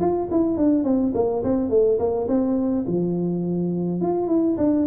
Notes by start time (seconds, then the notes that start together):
0.00 F4
0.31 E4
0.57 D4
0.84 C4
1.14 A#3
1.43 C4
1.70 A3
1.99 A#3
2.28 C4
2.87 F3
4.01 F4
4.27 E4
4.57 D4